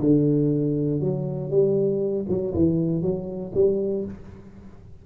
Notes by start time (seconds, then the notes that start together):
0.00 D3
1.00 F#3
1.50 G3
2.28 F#3
2.54 E3
3.02 F#3
3.55 G3